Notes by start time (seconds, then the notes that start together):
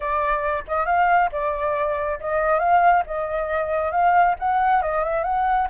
0.00 D5
0.67 D#5
0.85 F5
1.32 D5
2.20 D#5
2.59 F5
3.06 D#5
3.91 F5
4.39 F#5
4.82 D#5
5.04 E5
5.23 F#5